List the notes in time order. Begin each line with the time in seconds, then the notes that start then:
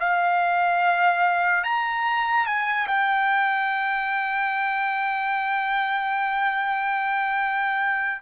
0.00 F5
1.64 A#5
2.46 G#5
2.87 G5